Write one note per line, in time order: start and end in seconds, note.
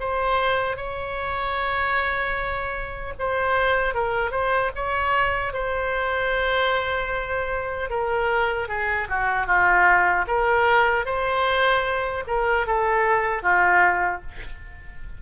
0.00 0.76 C5
0.76 3.13 C#5
3.19 3.94 C5
3.94 4.31 A#4
4.31 4.70 C5
4.75 5.53 C#5
5.53 7.90 C5
7.90 8.68 A#4
8.68 9.08 G#4
9.09 9.47 F#4
9.47 10.26 F4
10.27 11.06 A#4
11.06 12.24 C5
12.27 12.66 A#4
12.67 13.42 A4
13.42 14.21 F4